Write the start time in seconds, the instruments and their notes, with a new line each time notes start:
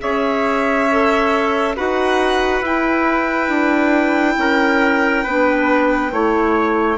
0.00 bassoon C#4, clarinet G#4, trumpet C#5, violin E5
0.91 clarinet A4
1.76 bassoon D#4, clarinet F#4, trumpet B4, violin F#5
2.61 bassoon E4, clarinet E4, violin G5
3.48 bassoon D4
4.37 bassoon C#4, trumpet A#4
5.23 bassoon B3, clarinet D4, trumpet B4
6.11 bassoon A3, clarinet E4, trumpet C#5